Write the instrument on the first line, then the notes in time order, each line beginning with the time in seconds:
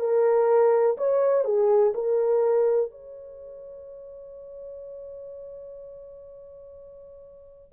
horn
0.00 A#4
0.97 C#5
1.45 G#4
1.94 A#4
2.91 C#5